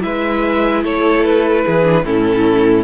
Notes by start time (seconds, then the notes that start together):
0.00 G#3 E4 B4 E5
0.83 A3 A4 C#5
1.24 B4
1.65 E3 G#4
1.83 D4
2.04 A2 C#4 E4 A4